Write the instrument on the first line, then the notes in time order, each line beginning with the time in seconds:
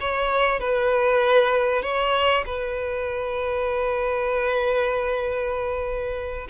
violin
0.00 C#5
0.60 B4
1.82 C#5
2.45 B4